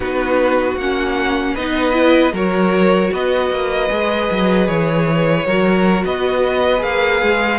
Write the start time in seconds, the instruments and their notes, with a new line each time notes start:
0.00 cello B3, viola D#4, violin F#4 B4
0.76 cello A#3, viola C#4, violin F#5
1.54 cello B3, viola D#4, violin B4 D#5
1.92 viola E4
2.32 cello F#3, viola F#4, violin A#4 C#5
3.13 cello B3, violin B4 D#5
3.50 cello A#3
3.89 cello G#3, viola G#4
4.30 cello F#3
4.68 cello E3, violin C#5
5.45 cello F#3, viola F#4, violin A#4
6.04 cello B3, violin B4 D#5
6.78 cello A#3, viola G#4, violin F5
7.22 cello G#3